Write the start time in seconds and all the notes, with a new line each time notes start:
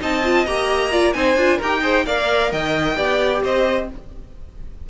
0.00 C4 D#4 D#5 A5
0.24 F4
0.46 A#3 G4 A#5
0.91 F4 D5
1.13 C4 D#4 C5 G#5
1.36 D4 F4
1.58 D#4 G4 A#4 G5
1.82 G#4 C5
2.06 A#3 A#4 D5 F5
2.52 D#3 D#5 G5
2.95 B3 G4 D5
3.43 C4 C5 D#5